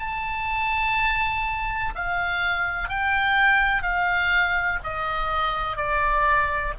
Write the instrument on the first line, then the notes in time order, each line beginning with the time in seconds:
oboe
0.00 A5
1.95 F5
2.89 G5
3.83 F5
4.84 D#5
5.77 D5